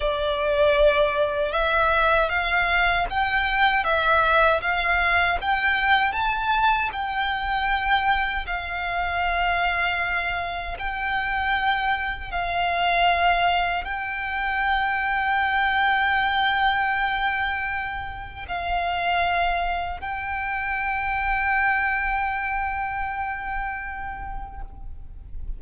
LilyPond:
\new Staff \with { instrumentName = "violin" } { \time 4/4 \tempo 4 = 78 d''2 e''4 f''4 | g''4 e''4 f''4 g''4 | a''4 g''2 f''4~ | f''2 g''2 |
f''2 g''2~ | g''1 | f''2 g''2~ | g''1 | }